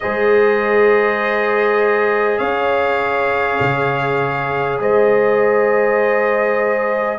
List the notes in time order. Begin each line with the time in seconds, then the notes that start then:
0.00 G#3 G#4 C5 D#5
2.38 C#4 C#5 F5
3.60 C#3
4.79 G#3 C5 D#5